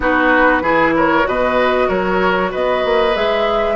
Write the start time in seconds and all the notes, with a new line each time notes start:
0.00 B3 D#4 F#4 B4
0.61 E3 E4 G#4
0.96 A#4 C#5
1.22 B2 F#4 B4 D#5
1.88 F#3 A#4 C#5
2.51 B3 B4 D#5
2.84 A#3
3.14 G#3 G#4 E5